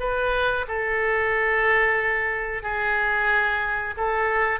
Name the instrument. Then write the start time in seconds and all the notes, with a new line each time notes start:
oboe
0.00 B4
0.68 A4
2.63 G#4
3.97 A4